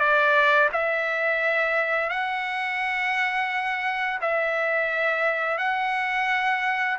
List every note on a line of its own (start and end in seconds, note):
0.00 0.70 D5
0.73 2.10 E5
2.10 4.19 F#5
4.21 5.58 E5
5.58 6.98 F#5